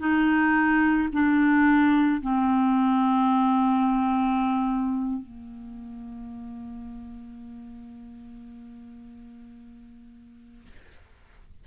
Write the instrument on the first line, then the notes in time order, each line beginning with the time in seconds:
clarinet
0.00 D#4
1.13 D4
2.22 C4
5.22 A#3